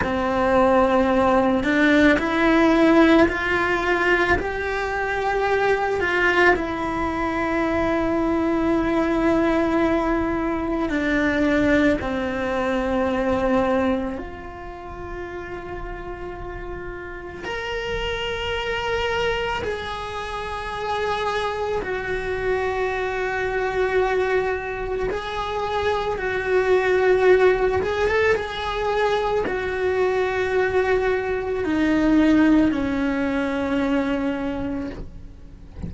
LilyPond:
\new Staff \with { instrumentName = "cello" } { \time 4/4 \tempo 4 = 55 c'4. d'8 e'4 f'4 | g'4. f'8 e'2~ | e'2 d'4 c'4~ | c'4 f'2. |
ais'2 gis'2 | fis'2. gis'4 | fis'4. gis'16 a'16 gis'4 fis'4~ | fis'4 dis'4 cis'2 | }